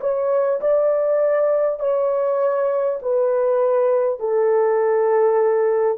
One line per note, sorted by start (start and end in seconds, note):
0.00 0.60 C#5
0.61 1.79 D5
1.79 2.99 C#5
3.02 4.19 B4
4.19 5.98 A4